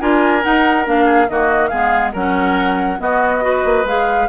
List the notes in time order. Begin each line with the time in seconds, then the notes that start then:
0.00 D4 F4 A#4 G#5
0.41 D#4 F#5
0.85 A#3 D4 F5
1.05 G#4
1.28 D#3 A#3 F#4 D#5
1.67 G#3 B3 G#4 F5
2.12 F#3 C#4 A#4 F#5
2.98 B3 F#4 D#5
3.41 F#4 B4
3.64 A#3
3.84 G#3 G#4 F5